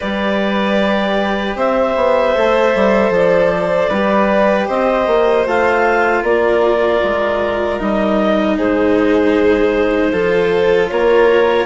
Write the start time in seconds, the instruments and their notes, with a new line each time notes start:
0.00 bassoon G3, cello G4, violin B4, clarinet D5
1.55 bassoon C4, violin C5, clarinet E5
1.95 bassoon B3
2.34 bassoon A3, cello A4
2.75 bassoon G3
3.10 bassoon F3, clarinet D5
3.89 bassoon G3, cello G4, violin B4
4.67 bassoon C4, violin C5, clarinet D#5
5.06 bassoon A#3
5.46 bassoon A3, cello F4, clarinet F5
6.22 bassoon A#3, violin A#4, clarinet D5
7.03 bassoon G#3
7.79 bassoon G3, cello D#4, clarinet D#5
8.57 bassoon G#3, violin G#4, clarinet C5
10.12 bassoon F3, cello F4, violin A4
10.89 bassoon A#3, violin A#4, clarinet C#5